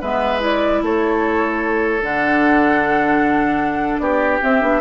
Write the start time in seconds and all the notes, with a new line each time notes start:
0.00 G#3 B3 B4 E5
0.39 E4 D5
0.82 A3 A4 C#5
2.02 D3 D4 F#5
3.98 B3 G4 D5
4.41 C4 E5
4.61 B3 D4